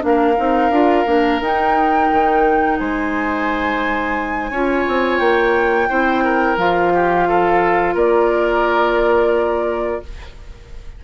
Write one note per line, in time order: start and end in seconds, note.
0.00 0.38 A#3
0.00 0.34 D4
0.00 1.42 F5
0.08 2.80 A#4
0.38 0.70 C4
0.38 0.72 D#4
0.70 1.05 D4
0.70 1.06 F4
1.06 1.41 A#3
1.06 1.41 D4
1.41 2.10 D#4
1.41 4.53 D#4
1.41 2.79 G5
2.11 2.80 D#3
2.79 4.51 G#3
2.79 4.51 C5
2.79 5.19 G#5
4.51 4.86 C#4
4.51 5.90 F4
4.51 5.89 C#5
4.88 5.20 C4
5.19 5.89 A#3
5.19 6.57 G5
5.90 6.57 C4
5.90 6.58 E4
5.90 6.24 C5
6.24 6.93 A#4
6.57 7.95 F3
6.57 10.03 F4
6.57 7.96 F5
6.94 7.28 G4
7.28 7.95 A4
7.95 10.02 A#3
7.95 10.02 A#4
7.95 10.04 D5